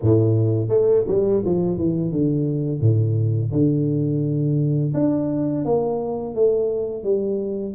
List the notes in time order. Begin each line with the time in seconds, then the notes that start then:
0.01 A2
0.69 A3
1.07 G3
1.45 F3
1.77 E3
2.11 D3
2.80 A2
3.51 D3
4.94 D4
5.64 A#3
6.34 A3
7.03 G3